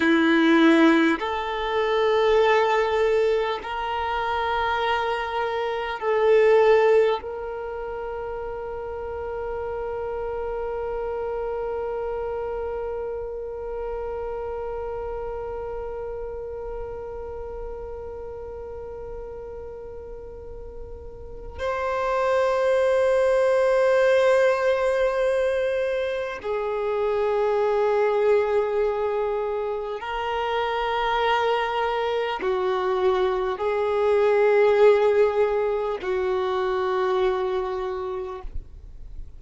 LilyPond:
\new Staff \with { instrumentName = "violin" } { \time 4/4 \tempo 4 = 50 e'4 a'2 ais'4~ | ais'4 a'4 ais'2~ | ais'1~ | ais'1~ |
ais'2 c''2~ | c''2 gis'2~ | gis'4 ais'2 fis'4 | gis'2 fis'2 | }